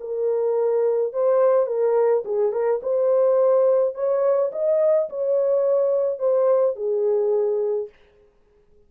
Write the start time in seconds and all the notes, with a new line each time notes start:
0.00 A#4
1.13 C5
1.66 A#4
2.25 G#4
2.52 A#4
2.83 C5
3.94 C#5
4.52 D#5
5.09 C#5
6.19 C5
6.76 G#4